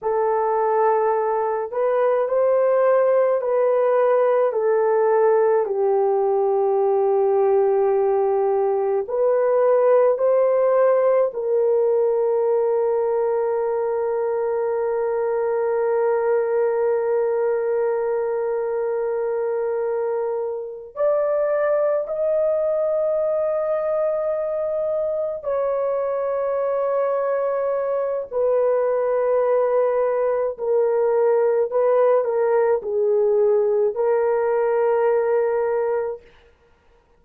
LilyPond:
\new Staff \with { instrumentName = "horn" } { \time 4/4 \tempo 4 = 53 a'4. b'8 c''4 b'4 | a'4 g'2. | b'4 c''4 ais'2~ | ais'1~ |
ais'2~ ais'8 d''4 dis''8~ | dis''2~ dis''8 cis''4.~ | cis''4 b'2 ais'4 | b'8 ais'8 gis'4 ais'2 | }